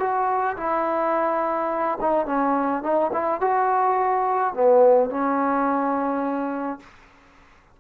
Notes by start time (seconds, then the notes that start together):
0.00 F#4
0.57 E4
2.01 D#4
2.26 C#4
2.83 D#4
3.13 E4
3.41 F#4
4.54 B3
5.10 C#4